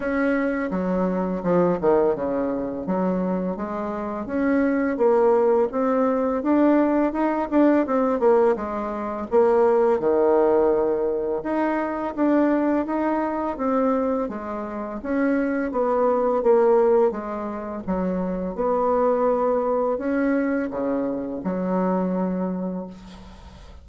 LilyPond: \new Staff \with { instrumentName = "bassoon" } { \time 4/4 \tempo 4 = 84 cis'4 fis4 f8 dis8 cis4 | fis4 gis4 cis'4 ais4 | c'4 d'4 dis'8 d'8 c'8 ais8 | gis4 ais4 dis2 |
dis'4 d'4 dis'4 c'4 | gis4 cis'4 b4 ais4 | gis4 fis4 b2 | cis'4 cis4 fis2 | }